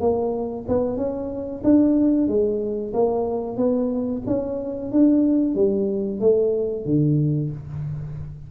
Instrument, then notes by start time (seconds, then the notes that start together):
tuba
0.00 A#3
0.68 B3
0.97 C#4
1.64 D4
2.28 G#3
2.93 A#3
3.57 B3
4.27 C#4
4.92 D4
5.55 G3
6.20 A3
6.85 D3